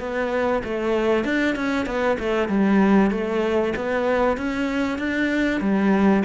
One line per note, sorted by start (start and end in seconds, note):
0.00 0.62 B3
0.64 1.24 A3
1.24 1.56 D4
1.56 1.86 C#4
1.86 2.17 B3
2.19 2.48 A3
2.48 3.11 G3
3.11 3.74 A3
3.76 4.37 B3
4.37 4.99 C#4
4.99 5.61 D4
5.61 6.23 G3